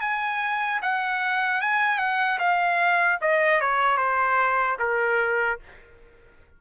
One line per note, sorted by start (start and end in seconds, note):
0.00 0.80 G#5
0.82 1.61 F#5
1.61 1.98 G#5
1.98 2.38 F#5
2.39 3.19 F5
3.21 3.60 D#5
3.60 3.97 C#5
3.97 4.77 C5
4.79 5.59 A#4